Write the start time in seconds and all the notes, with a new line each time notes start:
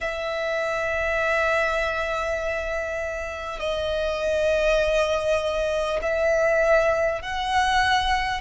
0.01 E5
3.59 D#5
6.02 E5
7.22 F#5